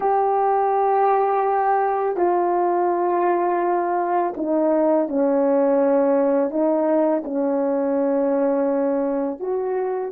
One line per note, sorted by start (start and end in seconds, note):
0.00 2.16 G4
2.16 4.33 F4
4.37 5.08 D#4
5.08 6.50 C#4
6.50 7.23 D#4
7.24 9.39 C#4
9.39 10.11 F#4